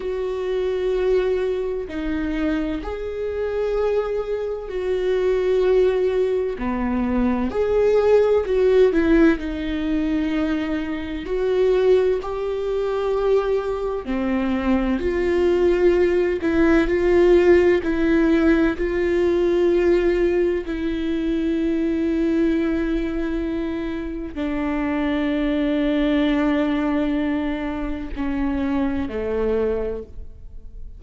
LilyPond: \new Staff \with { instrumentName = "viola" } { \time 4/4 \tempo 4 = 64 fis'2 dis'4 gis'4~ | gis'4 fis'2 b4 | gis'4 fis'8 e'8 dis'2 | fis'4 g'2 c'4 |
f'4. e'8 f'4 e'4 | f'2 e'2~ | e'2 d'2~ | d'2 cis'4 a4 | }